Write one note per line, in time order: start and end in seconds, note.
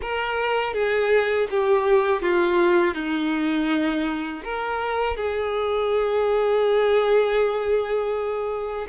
0.01 0.73 A#4
0.73 1.47 G#4
1.50 2.22 G4
2.22 2.94 F4
2.94 4.42 D#4
4.43 5.16 A#4
5.16 8.87 G#4